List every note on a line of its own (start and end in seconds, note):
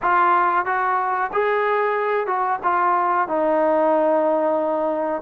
0.02 0.65 F4
0.65 1.30 F#4
1.32 2.26 G#4
2.26 2.59 F#4
2.63 3.28 F4
3.28 5.21 D#4